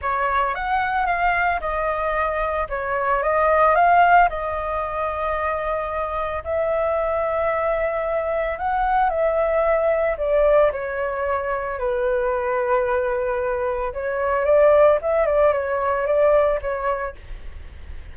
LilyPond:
\new Staff \with { instrumentName = "flute" } { \time 4/4 \tempo 4 = 112 cis''4 fis''4 f''4 dis''4~ | dis''4 cis''4 dis''4 f''4 | dis''1 | e''1 |
fis''4 e''2 d''4 | cis''2 b'2~ | b'2 cis''4 d''4 | e''8 d''8 cis''4 d''4 cis''4 | }